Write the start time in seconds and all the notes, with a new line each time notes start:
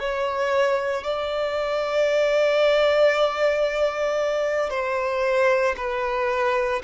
0.00 C#5
1.04 D5
4.70 C5
5.77 B4